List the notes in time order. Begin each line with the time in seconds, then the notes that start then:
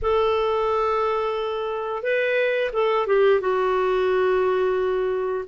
0.02 A4
2.02 B4
2.72 A4
3.07 G4
3.40 F#4